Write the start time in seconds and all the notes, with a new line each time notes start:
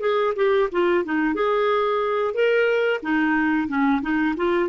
0.00 G#4
0.36 G4
0.72 F4
1.04 D#4
1.35 G#4
2.34 A#4
3.02 D#4
3.68 C#4
4.02 D#4
4.36 F4